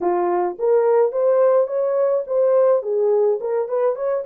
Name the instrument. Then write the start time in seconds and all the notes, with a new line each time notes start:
horn
0.00 F4
0.58 A#4
1.11 C5
1.67 C#5
2.26 C5
2.82 G#4
3.40 A#4
3.68 B4
3.95 C#5